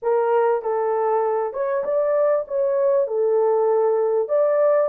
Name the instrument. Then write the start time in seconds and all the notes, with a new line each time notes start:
horn
0.02 A#4
0.62 A4
1.53 C#5
1.83 D5
2.47 C#5
3.07 A4
4.28 D5